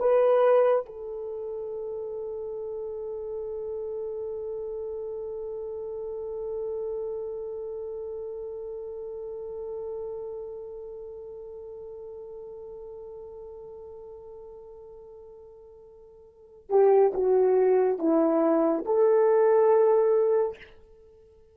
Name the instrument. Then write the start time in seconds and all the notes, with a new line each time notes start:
horn
0.00 B4
0.86 A4
16.70 G4
17.14 F#4
17.99 E4
18.86 A4